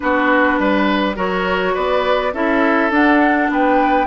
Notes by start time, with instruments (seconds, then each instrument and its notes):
0.00 bassoon B3, clarinet D4, oboe F#4, flute B4
0.58 bassoon G3, oboe B4
1.15 bassoon F#3, clarinet F#4, oboe A#4, flute C#5
1.74 bassoon B3, oboe B4, flute D5
2.33 bassoon C#4, clarinet E4, oboe A4, flute E5
2.90 bassoon D4, clarinet D4, flute F#5
3.49 bassoon B3, oboe B4, flute G5